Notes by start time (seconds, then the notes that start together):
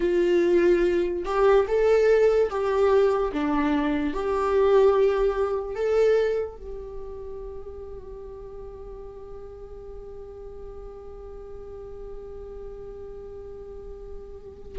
0.00 F4
1.24 G4
1.67 A4
2.50 G4
3.33 D4
4.13 G4
5.75 A4
6.56 G4